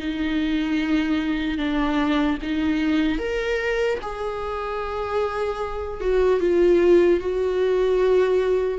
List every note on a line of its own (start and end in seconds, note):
0.00 1.58 D#4
1.58 2.38 D4
2.43 3.19 D#4
3.19 3.99 A#4
4.02 6.01 G#4
6.01 6.40 F#4
6.40 7.20 F4
7.21 8.79 F#4